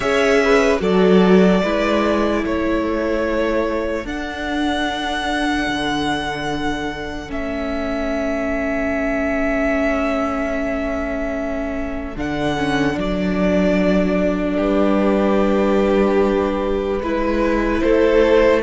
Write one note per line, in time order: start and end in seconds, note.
0.00 0.80 C#4
0.00 0.79 G#4
0.00 0.38 C#5
0.00 0.77 E5
0.44 0.81 B4
0.79 1.62 F#3
0.79 1.60 F#4
0.79 1.62 A4
0.79 2.44 D5
1.62 2.44 G#3
1.62 4.06 E4
1.62 2.43 B4
2.43 4.04 A3
2.43 14.57 A4
2.43 4.06 C#5
4.04 5.66 D4
4.04 7.28 D4
4.04 7.31 F#5
5.67 7.29 D3
7.28 12.16 A3
7.28 12.14 C#4
7.28 12.17 E5
12.16 12.97 D3
12.16 12.56 D4
12.16 12.98 F#5
12.56 12.93 C#4
12.93 14.58 F#3
12.93 16.98 D4
12.99 14.59 D5
14.57 17.00 G3
14.57 17.00 G4
14.57 17.80 B4
17.00 17.81 G#3
17.00 18.62 E4
17.00 17.82 B4
17.80 18.62 A3
17.80 18.62 A4
17.80 18.61 C5